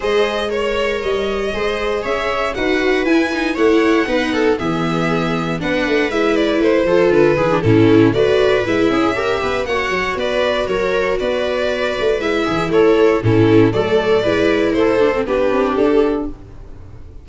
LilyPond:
<<
  \new Staff \with { instrumentName = "violin" } { \time 4/4 \tempo 4 = 118 dis''4 cis''4 dis''2 | e''4 fis''4 gis''4 fis''4~ | fis''4 e''2 fis''4 | e''8 d''8 c''4 b'4 a'4 |
d''4 e''2 fis''4 | d''4 cis''4 d''2 | e''4 cis''4 a'4 d''4~ | d''4 c''4 b'4 a'4 | }
  \new Staff \with { instrumentName = "viola" } { \time 4/4 c''4 cis''2 c''4 | cis''4 b'2 cis''4 | b'8 a'8 gis'2 b'4~ | b'4. a'4 gis'8 e'4 |
b'4. gis'8 ais'8 b'8 cis''4 | b'4 ais'4 b'2~ | b'8 gis'8 a'4 e'4 a'4 | b'4 a'4 g'2 | }
  \new Staff \with { instrumentName = "viola" } { \time 4/4 gis'4 ais'2 gis'4~ | gis'4 fis'4 e'8 dis'8 e'4 | dis'4 b2 d'4 | e'4. f'4 e'16 d'16 cis'4 |
fis'4 e'4 g'4 fis'4~ | fis'1 | e'2 cis'4 a4 | e'4. d'16 c'16 d'2 | }
  \new Staff \with { instrumentName = "tuba" } { \time 4/4 gis2 g4 gis4 | cis'4 dis'4 e'4 a4 | b4 e2 b8 a8 | gis4 a8 f8 d8 e8 a,4 |
a4 gis8 cis'4 b8 ais8 fis8 | b4 fis4 b4. a8 | gis8 e8 a4 a,4 fis4 | gis4 a4 b8 c'8 d'4 | }
>>